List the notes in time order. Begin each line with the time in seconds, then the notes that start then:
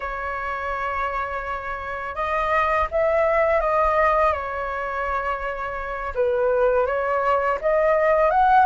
0.00 C#5
2.15 D#5
2.91 E5
3.60 D#5
4.32 C#5
6.14 B4
6.86 C#5
7.61 D#5
8.30 F#5